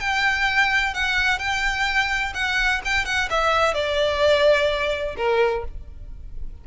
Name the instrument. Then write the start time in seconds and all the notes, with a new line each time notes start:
violin
0.00 G5
0.94 F#5
1.39 G5
2.34 F#5
2.85 G5
3.05 F#5
3.30 E5
3.74 D5
5.17 A#4